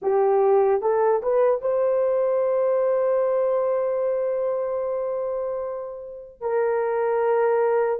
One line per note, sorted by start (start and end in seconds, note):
0.01 0.81 G4
0.81 1.21 A4
1.22 1.61 B4
1.61 6.40 C5
6.40 7.99 A#4